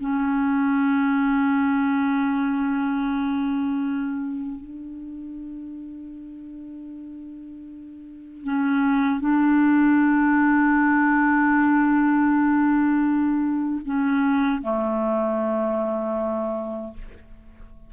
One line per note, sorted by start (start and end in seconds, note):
0.00 4.60 C#4
4.60 8.44 D4
8.44 9.20 C#4
9.20 13.81 D4
13.85 14.62 C#4
14.62 16.93 A3